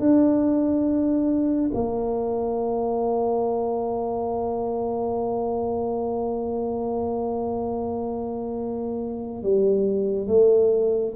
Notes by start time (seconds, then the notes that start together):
0.00 D4
1.75 A#3
9.43 G3
10.28 A3